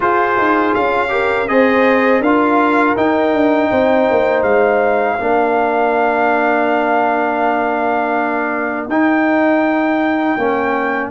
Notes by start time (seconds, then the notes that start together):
0.00 F4 G#4 C5
0.37 D#4
0.74 C#4 F5
1.08 G4 A#4
1.48 C4 G#4 C5 D#5
2.20 D4 F4 A#4 F5
2.96 D#4 G5
3.33 D4
3.71 C4 C5
4.10 A#3
4.42 G#3 F5
5.17 A#3 D4 A#4
8.87 D#4 G5
10.37 A#3 C#4